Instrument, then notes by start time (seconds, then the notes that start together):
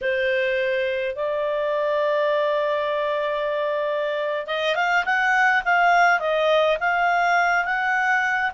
clarinet
0.01 C5
1.15 D5
4.46 D#5
4.75 F5
5.05 F#5
5.64 F5
6.19 D#5
6.80 F5
7.64 F#5